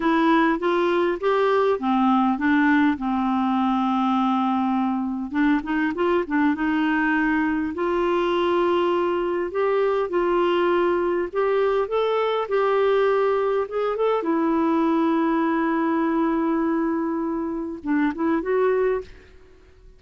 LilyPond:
\new Staff \with { instrumentName = "clarinet" } { \time 4/4 \tempo 4 = 101 e'4 f'4 g'4 c'4 | d'4 c'2.~ | c'4 d'8 dis'8 f'8 d'8 dis'4~ | dis'4 f'2. |
g'4 f'2 g'4 | a'4 g'2 gis'8 a'8 | e'1~ | e'2 d'8 e'8 fis'4 | }